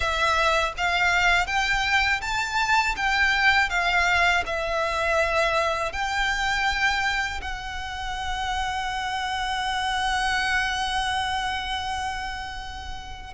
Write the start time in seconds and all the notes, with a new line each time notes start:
0.00 E5
0.77 F5
1.46 G5
2.21 A5
2.96 G5
3.69 F5
4.46 E5
5.92 G5
7.41 F#5